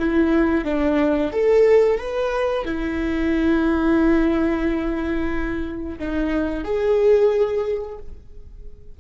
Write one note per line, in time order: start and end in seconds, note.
0.00 0.65 E4
0.65 1.32 D4
1.33 1.99 A4
1.99 2.65 B4
2.65 5.99 E4
5.99 6.65 D#4
6.65 7.98 G#4